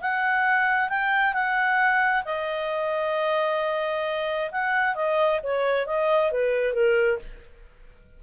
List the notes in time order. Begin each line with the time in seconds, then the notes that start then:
0.00 F#5
0.89 G5
1.33 F#5
2.25 D#5
4.51 F#5
4.95 D#5
5.42 C#5
5.86 D#5
6.31 B4
6.73 A#4